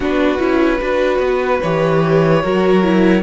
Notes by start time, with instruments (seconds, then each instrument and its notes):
0.00 cello B3, viola D4, violin F#4 B4
0.38 cello C#4, viola E4
0.80 cello D4, viola F#4, violin B4
1.18 cello B3
1.60 cello E3, viola G4, violin C#5
2.42 cello F#3, viola F#4, violin A#4
2.83 viola E4